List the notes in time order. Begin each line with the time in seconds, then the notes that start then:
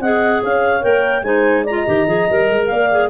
0.00 C4 G#4 D#5 F#5
0.43 C#4 C#5 F5
0.81 A#3 A#4 G5
1.22 G#3 D#4 C5 G#5
1.64 F4 D5 A#5
1.75 D#5
1.87 D#3 G4
2.07 F3 G#4
2.29 G3 A#4
2.50 G#3
2.67 A#3 D5 F5
2.91 G#4